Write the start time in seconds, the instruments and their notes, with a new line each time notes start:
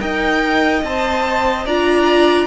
0.00 cello D#4, viola A#4, violin D#5 G5
0.84 cello C4, viola C5, violin A5
1.66 cello D4, viola F4, violin D5 A#5